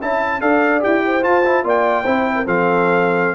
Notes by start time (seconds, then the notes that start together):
0.00 C#4 E4 E5 A5
0.41 D4 A4 D5 F5
0.80 E4 G4 G5
1.06 C5
1.22 F4 A5
1.45 E4
1.64 A#3 F4 D5 G5
2.03 C4 E4 C5
2.36 A#4
2.46 F3 C4 A4 F5